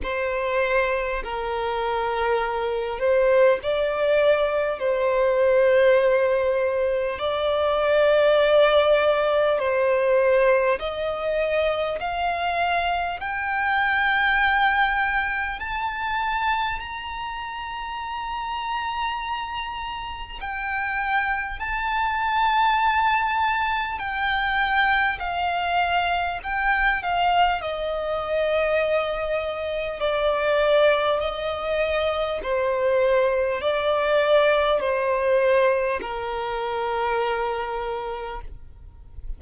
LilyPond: \new Staff \with { instrumentName = "violin" } { \time 4/4 \tempo 4 = 50 c''4 ais'4. c''8 d''4 | c''2 d''2 | c''4 dis''4 f''4 g''4~ | g''4 a''4 ais''2~ |
ais''4 g''4 a''2 | g''4 f''4 g''8 f''8 dis''4~ | dis''4 d''4 dis''4 c''4 | d''4 c''4 ais'2 | }